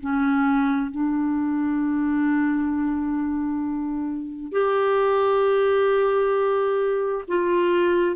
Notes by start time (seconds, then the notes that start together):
0.00 C#4
0.91 D4
4.52 G4
7.28 F4